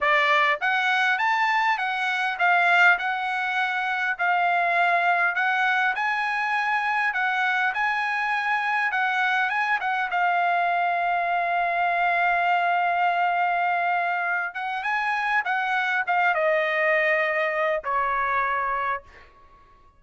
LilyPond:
\new Staff \with { instrumentName = "trumpet" } { \time 4/4 \tempo 4 = 101 d''4 fis''4 a''4 fis''4 | f''4 fis''2 f''4~ | f''4 fis''4 gis''2 | fis''4 gis''2 fis''4 |
gis''8 fis''8 f''2.~ | f''1~ | f''8 fis''8 gis''4 fis''4 f''8 dis''8~ | dis''2 cis''2 | }